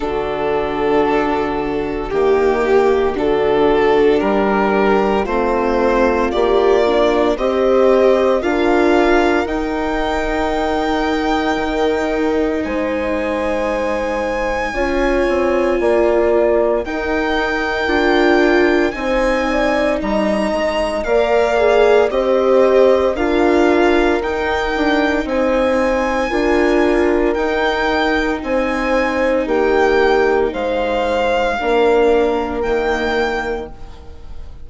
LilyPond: <<
  \new Staff \with { instrumentName = "violin" } { \time 4/4 \tempo 4 = 57 a'2 g'4 a'4 | ais'4 c''4 d''4 dis''4 | f''4 g''2. | gis''1 |
g''2 gis''4 ais''4 | f''4 dis''4 f''4 g''4 | gis''2 g''4 gis''4 | g''4 f''2 g''4 | }
  \new Staff \with { instrumentName = "horn" } { \time 4/4 fis'2 g'4 fis'4 | g'4 f'2 c''4 | ais'1 | c''2 cis''4 d''4 |
ais'2 c''8 d''8 dis''4 | d''4 c''4 ais'2 | c''4 ais'2 c''4 | g'4 c''4 ais'2 | }
  \new Staff \with { instrumentName = "viola" } { \time 4/4 d'2 ais4 d'4~ | d'4 c'4 g'8 d'8 g'4 | f'4 dis'2.~ | dis'2 f'2 |
dis'4 f'4 dis'2 | ais'8 gis'8 g'4 f'4 dis'4~ | dis'4 f'4 dis'2~ | dis'2 d'4 ais4 | }
  \new Staff \with { instrumentName = "bassoon" } { \time 4/4 d2 dis4 d4 | g4 a4 ais4 c'4 | d'4 dis'2 dis4 | gis2 cis'8 c'8 ais4 |
dis'4 d'4 c'4 g8 gis8 | ais4 c'4 d'4 dis'8 d'8 | c'4 d'4 dis'4 c'4 | ais4 gis4 ais4 dis4 | }
>>